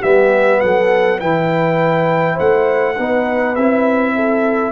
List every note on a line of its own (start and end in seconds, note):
0.00 0.62 G3
0.00 1.20 B3
0.00 0.59 G4
0.00 0.61 E5
0.61 1.22 F#3
0.61 1.21 A4
0.61 1.20 F#5
1.20 2.39 E3
1.20 2.96 E4
1.20 2.35 B4
1.20 2.38 G5
2.35 2.98 A3
2.35 2.94 C5
2.35 3.56 F#5
2.97 3.57 B3
2.97 3.57 D#4
2.97 4.15 B4
3.56 4.72 C4
3.56 4.72 E4
3.56 4.72 E5
4.15 4.72 A4